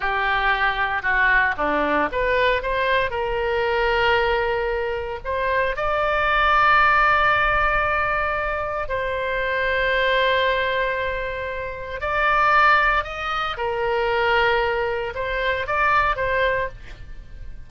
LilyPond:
\new Staff \with { instrumentName = "oboe" } { \time 4/4 \tempo 4 = 115 g'2 fis'4 d'4 | b'4 c''4 ais'2~ | ais'2 c''4 d''4~ | d''1~ |
d''4 c''2.~ | c''2. d''4~ | d''4 dis''4 ais'2~ | ais'4 c''4 d''4 c''4 | }